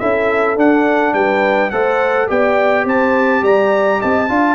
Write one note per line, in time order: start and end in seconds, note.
0.00 0.57 C#4
0.00 0.57 E4
0.00 1.14 A4
0.00 0.57 E5
0.57 1.14 D4
0.57 1.71 D4
0.57 1.14 F#5
1.14 1.71 G3
1.14 1.71 B4
1.14 1.71 G5
1.71 2.29 A3
1.71 2.28 A4
1.71 2.28 C5
1.71 2.28 F#5
2.28 2.85 B3
2.28 4.28 G4
2.28 2.85 D5
2.28 2.87 G5
2.85 3.43 C4
2.85 3.42 C5
2.85 3.45 A5
3.43 4.00 G3
3.43 4.00 D5
3.43 4.02 A#5
4.00 4.30 C4
4.00 4.29 D#5
4.00 4.55 A5
4.29 4.55 D4
4.29 4.55 F4
4.29 4.55 F5